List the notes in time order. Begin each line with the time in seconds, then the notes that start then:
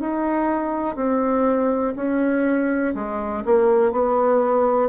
0.00 D#4
0.96 C4
1.96 C#4
2.95 G#3
3.45 A#3
3.92 B3